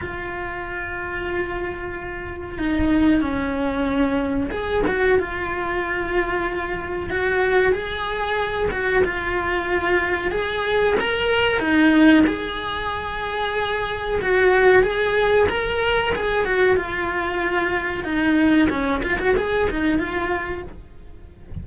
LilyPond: \new Staff \with { instrumentName = "cello" } { \time 4/4 \tempo 4 = 93 f'1 | dis'4 cis'2 gis'8 fis'8 | f'2. fis'4 | gis'4. fis'8 f'2 |
gis'4 ais'4 dis'4 gis'4~ | gis'2 fis'4 gis'4 | ais'4 gis'8 fis'8 f'2 | dis'4 cis'8 f'16 fis'16 gis'8 dis'8 f'4 | }